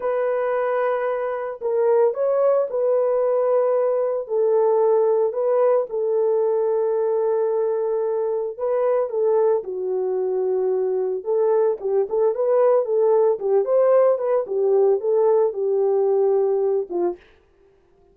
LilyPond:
\new Staff \with { instrumentName = "horn" } { \time 4/4 \tempo 4 = 112 b'2. ais'4 | cis''4 b'2. | a'2 b'4 a'4~ | a'1 |
b'4 a'4 fis'2~ | fis'4 a'4 g'8 a'8 b'4 | a'4 g'8 c''4 b'8 g'4 | a'4 g'2~ g'8 f'8 | }